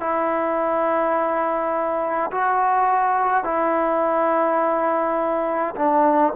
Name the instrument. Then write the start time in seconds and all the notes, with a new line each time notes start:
trombone
0.00 E4
2.31 F#4
3.44 E4
5.75 D4